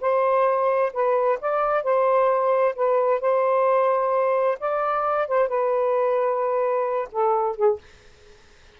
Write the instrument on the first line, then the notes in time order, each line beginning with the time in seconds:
saxophone
0.00 C5
0.93 B4
1.41 D5
1.83 C5
2.75 B4
3.20 C5
4.59 D5
5.28 C5
5.48 B4
7.12 A4
7.56 G#4